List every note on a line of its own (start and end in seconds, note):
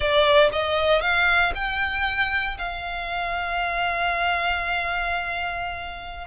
0.00 0.50 D5
0.52 1.01 D#5
1.01 1.52 F5
1.55 2.57 G5
2.58 6.27 F5